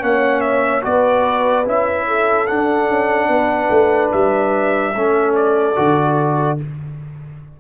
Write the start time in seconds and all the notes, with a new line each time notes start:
0.00 A#3 C#4 C#5 F#5
0.41 E5
0.82 B3 F#4 B4 D5
1.65 C#4 E4 E5
2.07 A4
2.47 D4 F#5
2.88 C#4
3.29 B3 B4
3.71 A3
4.12 G3 E5
4.95 A3 C#4 A4
5.35 D5
5.76 D3 F#4